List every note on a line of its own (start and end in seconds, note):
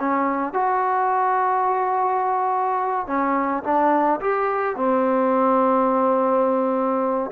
0.00 0.53 C#4
0.53 3.07 F#4
3.07 3.64 C#4
3.64 4.20 D4
4.21 4.76 G4
4.76 7.31 C4